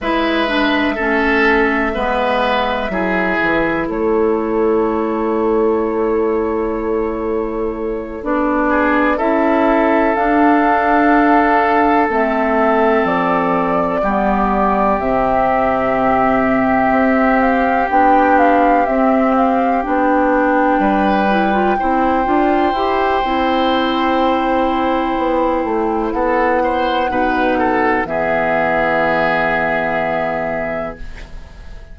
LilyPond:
<<
  \new Staff \with { instrumentName = "flute" } { \time 4/4 \tempo 4 = 62 e''1 | cis''1~ | cis''8 d''4 e''4 f''4.~ | f''8 e''4 d''2 e''8~ |
e''2 f''8 g''8 f''8 e''8 | f''8 g''2.~ g''8~ | g''2. fis''4~ | fis''4 e''2. | }
  \new Staff \with { instrumentName = "oboe" } { \time 4/4 b'4 a'4 b'4 gis'4 | a'1~ | a'4 gis'8 a'2~ a'8~ | a'2~ a'8 g'4.~ |
g'1~ | g'4. b'4 c''4.~ | c''2. a'8 c''8 | b'8 a'8 gis'2. | }
  \new Staff \with { instrumentName = "clarinet" } { \time 4/4 e'8 d'8 cis'4 b4 e'4~ | e'1~ | e'8 d'4 e'4 d'4.~ | d'8 c'2 b4 c'8~ |
c'2~ c'8 d'4 c'8~ | c'8 d'4. e'16 f'16 e'8 f'8 g'8 | e'1 | dis'4 b2. | }
  \new Staff \with { instrumentName = "bassoon" } { \time 4/4 gis4 a4 gis4 fis8 e8 | a1~ | a8 b4 cis'4 d'4.~ | d'8 a4 f4 g4 c8~ |
c4. c'4 b4 c'8~ | c'8 b4 g4 c'8 d'8 e'8 | c'2 b8 a8 b4 | b,4 e2. | }
>>